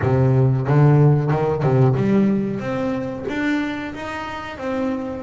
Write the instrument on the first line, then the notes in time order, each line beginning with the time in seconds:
double bass
0.02 C3
0.67 D3
1.30 D#3
1.62 C3
1.96 G3
2.60 C4
3.28 D4
3.94 D#4
4.57 C4